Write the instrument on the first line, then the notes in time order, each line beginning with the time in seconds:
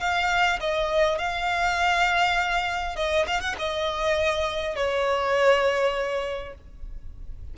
violin
0.00 F5
0.60 D#5
1.18 F5
2.96 D#5
3.27 F5
3.41 F#5
3.58 D#5
4.76 C#5